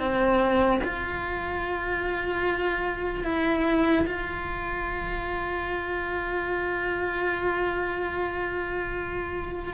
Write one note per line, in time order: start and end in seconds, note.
0.00 0.81 C4
0.84 3.25 F4
3.25 4.06 E4
4.07 9.74 F4